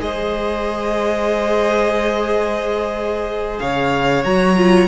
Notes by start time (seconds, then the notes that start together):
0.00 G#3 G#4 C5 D#5
3.60 C#3 C#5 F5
4.25 F#3 F#4 A#5
4.57 F4